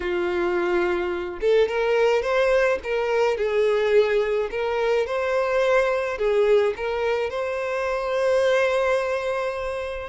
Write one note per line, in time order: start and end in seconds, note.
0.00 1.39 F4
1.40 1.68 A4
1.68 2.22 A#4
2.22 2.78 C5
2.83 3.37 A#4
3.37 4.49 G#4
4.50 5.06 A#4
5.06 6.18 C5
6.18 6.74 G#4
6.76 7.30 A#4
7.30 10.09 C5